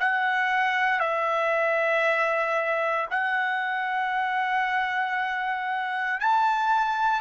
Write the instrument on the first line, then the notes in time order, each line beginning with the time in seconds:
trumpet
0.00 F#5
1.00 E5
3.10 F#5
6.20 A5